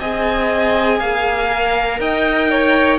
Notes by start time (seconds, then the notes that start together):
0.00 C4 G#4 D#5 G#5
1.00 A#3 F5
1.51 A#4
1.99 D#4 D#5 G5
2.50 C#5